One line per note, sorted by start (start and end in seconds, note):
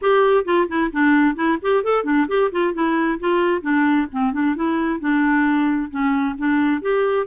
0.01 0.44 G4
0.44 0.67 F4
0.68 0.91 E4
0.92 1.35 D4
1.35 1.58 E4
1.62 1.83 G4
1.83 2.04 A4
2.04 2.26 D4
2.28 2.50 G4
2.51 2.73 F4
2.73 3.19 E4
3.19 3.61 F4
3.61 4.07 D4
4.12 4.32 C4
4.32 4.55 D4
4.55 5.00 E4
5.00 5.90 D4
5.90 6.35 C#4
6.38 6.81 D4
6.81 7.26 G4